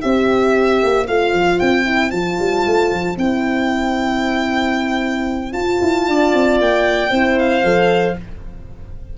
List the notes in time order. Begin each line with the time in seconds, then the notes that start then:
0.00 C4 G4 C5 E5
0.82 A#3
1.07 A3 F4 F5
1.32 F3
1.59 C4 G5
1.84 E4
2.10 F3 F4 A5
2.39 G3
2.66 A3
2.92 F3
3.17 C4 E4 G5
5.52 F4 A5
5.81 E4
6.07 D4 D5
6.33 C4
6.60 A#3 G5
7.10 C4 E4 C5
7.38 F5
7.63 F3 A4